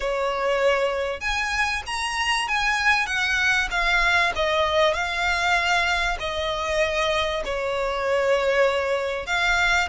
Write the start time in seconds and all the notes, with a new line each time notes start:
0.00 C#5
1.20 G#5
1.86 A#5
2.47 G#5
3.06 F#5
3.70 F5
4.35 D#5
4.93 F5
6.19 D#5
7.45 C#5
9.26 F5